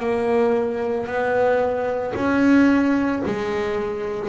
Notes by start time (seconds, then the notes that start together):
0.00 A#3
1.07 B3
2.16 C#4
3.26 G#3